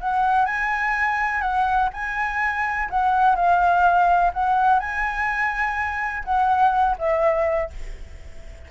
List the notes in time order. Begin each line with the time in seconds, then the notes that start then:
0.00 F#5
0.45 G#5
1.41 F#5
1.93 G#5
2.90 F#5
3.36 F5
4.33 F#5
4.79 G#5
6.24 F#5
6.98 E5